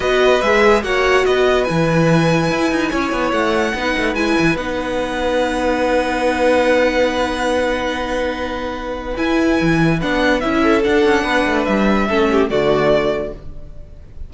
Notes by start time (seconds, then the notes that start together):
0.00 B3 F#4 B4 D#5
0.41 G#3 G#4 E5
0.83 A#3 F#4 C#5 F#5
1.25 B3 B4 D#5
1.64 E3 E4 G#5
2.50 E4
2.71 D#4
2.91 C#4 C#5
3.12 B3
3.31 A3 F#5
3.74 B3 D#4 B4
3.97 A3
4.14 G#3 E4 G#5
4.39 E3
4.55 B3 D#4 F#5
9.16 E4 G#5
9.61 E3
10.01 B3 D4 F#5
10.40 C#4 E4 E5
10.61 A4
10.83 D4 F#5
11.05 C#4
11.23 B3 B4
11.46 A3
11.64 G3 E5
12.08 A3 C#4 A4
12.31 G4
12.49 D3 A3 F#4 D5